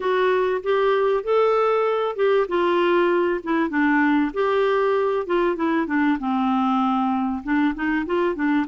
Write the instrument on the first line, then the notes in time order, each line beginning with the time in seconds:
clarinet
0.00 F#4
0.63 G4
1.23 A4
2.16 G4
2.48 F4
3.43 E4
3.69 D4
4.33 G4
5.26 F4
5.56 E4
5.87 D4
6.19 C4
7.43 D4
7.74 D#4
8.06 F4
8.35 D4